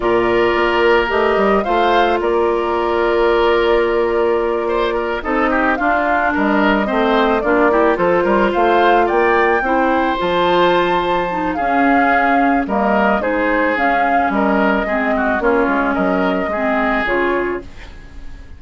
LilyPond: <<
  \new Staff \with { instrumentName = "flute" } { \time 4/4 \tempo 4 = 109 d''2 dis''4 f''4 | d''1~ | d''4. dis''4 f''4 dis''8~ | dis''4. d''4 c''4 f''8~ |
f''8 g''2 a''4.~ | a''4 f''2 dis''4 | c''4 f''4 dis''2 | cis''4 dis''2 cis''4 | }
  \new Staff \with { instrumentName = "oboe" } { \time 4/4 ais'2. c''4 | ais'1~ | ais'8 c''8 ais'8 a'8 g'8 f'4 ais'8~ | ais'8 c''4 f'8 g'8 a'8 ais'8 c''8~ |
c''8 d''4 c''2~ c''8~ | c''4 gis'2 ais'4 | gis'2 ais'4 gis'8 fis'8 | f'4 ais'4 gis'2 | }
  \new Staff \with { instrumentName = "clarinet" } { \time 4/4 f'2 g'4 f'4~ | f'1~ | f'4. dis'4 d'4.~ | d'8 c'4 d'8 e'8 f'4.~ |
f'4. e'4 f'4.~ | f'8 dis'8 cis'2 ais4 | dis'4 cis'2 c'4 | cis'2 c'4 f'4 | }
  \new Staff \with { instrumentName = "bassoon" } { \time 4/4 ais,4 ais4 a8 g8 a4 | ais1~ | ais4. c'4 d'4 g8~ | g8 a4 ais4 f8 g8 a8~ |
a8 ais4 c'4 f4.~ | f4 cis'2 g4 | gis4 cis'4 g4 gis4 | ais8 gis8 fis4 gis4 cis4 | }
>>